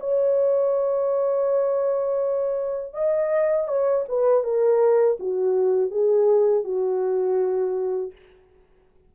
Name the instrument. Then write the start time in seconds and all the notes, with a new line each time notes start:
horn
0.00 C#5
2.94 D#5
3.68 C#5
4.08 B4
4.44 A#4
5.20 F#4
5.91 G#4
6.64 F#4